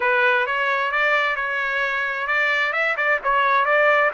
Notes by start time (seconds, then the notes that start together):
0.00 B4
0.46 C#5
0.91 D5
1.35 C#5
2.27 D5
2.72 E5
2.96 D5
3.23 C#5
3.65 D5